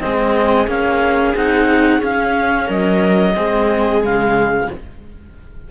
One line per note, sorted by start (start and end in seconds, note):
0.00 0.67 G#3
0.00 0.67 C4
0.00 2.66 G#4
0.00 0.67 D#5
0.67 1.34 A#3
0.67 1.34 C#4
0.67 1.35 F5
1.34 2.01 C4
1.34 1.99 D#4
1.34 2.02 F#5
1.99 3.32 C#4
1.99 2.69 C#4
1.99 2.70 F5
2.66 3.35 F#3
2.66 3.32 A#4
2.66 4.03 D#5
3.35 4.03 G#3
3.35 4.00 C4
3.35 4.69 G#4
4.00 4.69 C#3
4.00 4.67 G#3
4.00 4.70 F5